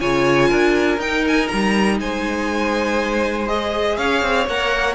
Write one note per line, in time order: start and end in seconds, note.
0.00 0.51 C#3
0.00 0.99 F4
0.00 0.49 C#5
0.00 1.00 G#5
0.49 0.98 D4
0.49 1.98 A#4
0.98 1.48 D#4
0.98 3.48 D#4
0.98 1.25 G5
1.28 1.49 G#5
1.49 2.00 G3
1.49 1.98 A#5
2.00 3.98 G#3
2.00 3.98 C5
2.00 3.48 G#5
3.48 4.47 G#4
3.48 3.97 D#5
3.97 4.22 C#4
3.97 4.95 C#5
3.97 4.47 F5
4.22 4.47 C4
4.47 4.95 A#3
4.47 4.95 A#4
4.47 4.95 F#5